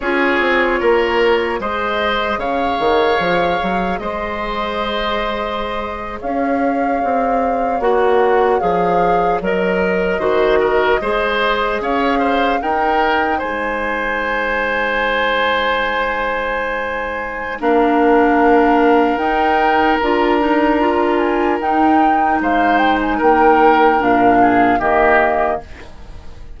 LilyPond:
<<
  \new Staff \with { instrumentName = "flute" } { \time 4/4 \tempo 4 = 75 cis''2 dis''4 f''4~ | f''4 dis''2~ dis''8. f''16~ | f''4.~ f''16 fis''4 f''4 dis''16~ | dis''2~ dis''8. f''4 g''16~ |
g''8. gis''2.~ gis''16~ | gis''2 f''2 | g''4 ais''4. gis''8 g''4 | f''8 g''16 gis''16 g''4 f''4 dis''4 | }
  \new Staff \with { instrumentName = "oboe" } { \time 4/4 gis'4 ais'4 c''4 cis''4~ | cis''4 c''2~ c''8. cis''16~ | cis''1~ | cis''8. c''8 ais'8 c''4 cis''8 c''8 ais'16~ |
ais'8. c''2.~ c''16~ | c''2 ais'2~ | ais'1 | c''4 ais'4. gis'8 g'4 | }
  \new Staff \with { instrumentName = "clarinet" } { \time 4/4 f'2 gis'2~ | gis'1~ | gis'4.~ gis'16 fis'4 gis'4 ais'16~ | ais'8. fis'4 gis'2 dis'16~ |
dis'1~ | dis'2 d'2 | dis'4 f'8 dis'8 f'4 dis'4~ | dis'2 d'4 ais4 | }
  \new Staff \with { instrumentName = "bassoon" } { \time 4/4 cis'8 c'8 ais4 gis4 cis8 dis8 | f8 fis8 gis2~ gis8. cis'16~ | cis'8. c'4 ais4 f4 fis16~ | fis8. dis4 gis4 cis'4 dis'16~ |
dis'8. gis2.~ gis16~ | gis2 ais2 | dis'4 d'2 dis'4 | gis4 ais4 ais,4 dis4 | }
>>